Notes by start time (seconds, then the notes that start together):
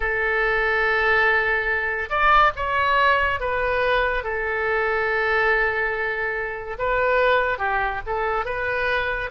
0.00 A4
2.09 D5
2.55 C#5
3.40 B4
4.23 A4
6.78 B4
7.58 G4
8.06 A4
8.45 B4